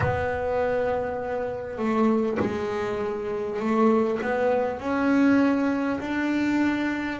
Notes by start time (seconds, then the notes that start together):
0.00 B3
1.77 A3
2.39 G#3
3.59 A3
4.22 B3
4.79 C#4
5.99 D4